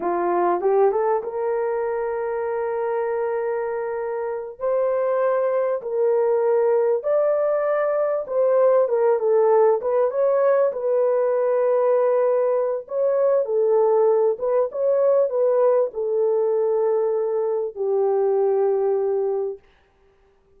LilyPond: \new Staff \with { instrumentName = "horn" } { \time 4/4 \tempo 4 = 98 f'4 g'8 a'8 ais'2~ | ais'2.~ ais'8 c''8~ | c''4. ais'2 d''8~ | d''4. c''4 ais'8 a'4 |
b'8 cis''4 b'2~ b'8~ | b'4 cis''4 a'4. b'8 | cis''4 b'4 a'2~ | a'4 g'2. | }